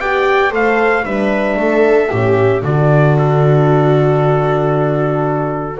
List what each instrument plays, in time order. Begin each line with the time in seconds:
0.00 double bass B3, horn G4, viola D5, trumpet G5
0.51 double bass A3, horn A4, viola C5, trumpet F5
1.05 double bass G3, horn D4, viola B4, trumpet E5
1.57 double bass A3, viola A4
2.11 double bass A2, horn C#4, viola G4
2.61 double bass D3, horn D4, viola F#4, trumpet D5
3.19 trumpet A4